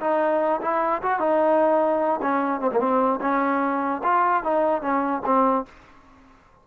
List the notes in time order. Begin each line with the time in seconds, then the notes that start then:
0.00 D#4
0.61 E4
1.02 F#4
1.19 D#4
2.21 C#4
2.60 C4
2.71 A#3
2.79 C4
3.21 C#4
4.03 F4
4.43 D#4
4.81 C#4
5.25 C4